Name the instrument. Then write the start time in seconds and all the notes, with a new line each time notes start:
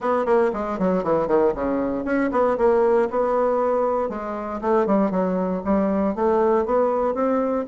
bassoon
0.00 B3
0.25 A#3
0.53 G#3
0.78 F#3
1.03 E3
1.27 D#3
1.55 C#3
2.04 C#4
2.31 B3
2.57 A#3
3.10 B3
4.09 G#3
4.61 A3
4.86 G3
5.10 F#3
5.64 G3
6.15 A3
6.65 B3
7.14 C4